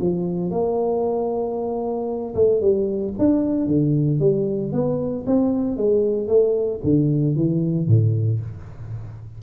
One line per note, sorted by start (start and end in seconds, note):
0.00 0.50 F3
0.50 2.34 A#3
2.34 2.60 A3
2.60 3.13 G3
3.18 3.67 D4
3.67 4.19 D3
4.19 4.72 G3
4.72 5.24 B3
5.26 5.76 C4
5.76 6.27 G#3
6.27 6.80 A3
6.83 7.35 D3
7.35 7.87 E3
7.87 8.39 A2